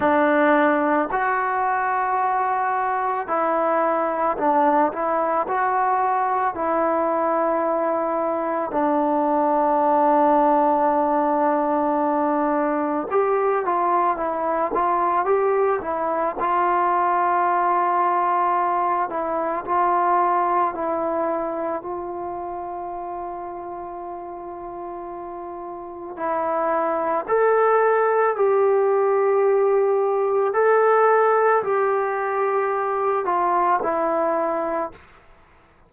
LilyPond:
\new Staff \with { instrumentName = "trombone" } { \time 4/4 \tempo 4 = 55 d'4 fis'2 e'4 | d'8 e'8 fis'4 e'2 | d'1 | g'8 f'8 e'8 f'8 g'8 e'8 f'4~ |
f'4. e'8 f'4 e'4 | f'1 | e'4 a'4 g'2 | a'4 g'4. f'8 e'4 | }